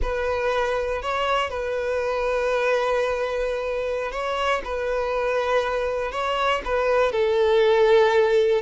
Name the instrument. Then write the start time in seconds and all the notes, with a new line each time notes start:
violin
0.02 B4
1.01 C#5
1.50 B4
4.11 C#5
4.64 B4
6.11 C#5
6.64 B4
7.12 A4